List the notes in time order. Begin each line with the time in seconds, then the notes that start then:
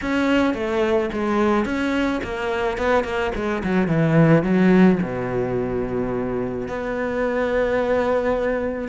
0.02 C#4
0.54 A3
1.12 G#3
1.65 C#4
2.23 A#3
2.77 B3
3.04 A#3
3.35 G#3
3.63 F#3
3.87 E3
4.43 F#3
5.02 B2
6.68 B3